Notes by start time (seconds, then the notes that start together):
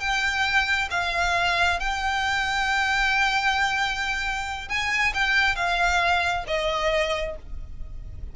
0.00 G5
0.91 F5
1.80 G5
4.69 G#5
5.14 G5
5.56 F5
6.47 D#5